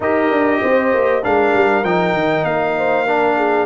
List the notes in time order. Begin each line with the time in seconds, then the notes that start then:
0.00 D#4 G4 A#4 D#5
0.30 D4
0.61 C4 C5
0.93 A#3
1.22 G#3 D4 A#4 F5
1.54 G3
1.83 F3 D#4 G5
2.13 D#3
2.44 A#3 F5
2.77 C5
3.06 D4 A#4
3.36 G#4